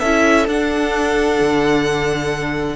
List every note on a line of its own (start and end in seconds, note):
0.00 0.48 C#4
0.00 0.49 E4
0.00 2.75 A4
0.00 0.46 E5
0.48 1.40 D4
0.48 2.77 D4
0.48 2.77 F#5
1.41 2.77 D3